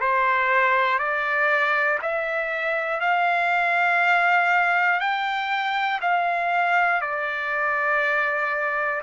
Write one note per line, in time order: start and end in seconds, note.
0.00 0.99 C5
0.99 1.99 D5
2.01 3.00 E5
3.00 5.00 F5
5.00 6.00 G5
6.01 7.01 F5
7.01 9.01 D5